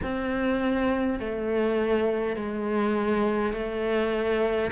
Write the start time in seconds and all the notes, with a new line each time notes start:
0.02 C4
1.19 A3
2.36 G#3
3.53 A3